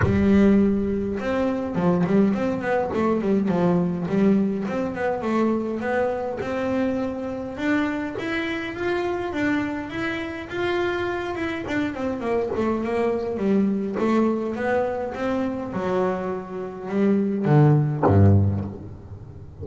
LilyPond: \new Staff \with { instrumentName = "double bass" } { \time 4/4 \tempo 4 = 103 g2 c'4 f8 g8 | c'8 b8 a8 g8 f4 g4 | c'8 b8 a4 b4 c'4~ | c'4 d'4 e'4 f'4 |
d'4 e'4 f'4. e'8 | d'8 c'8 ais8 a8 ais4 g4 | a4 b4 c'4 fis4~ | fis4 g4 d4 g,4 | }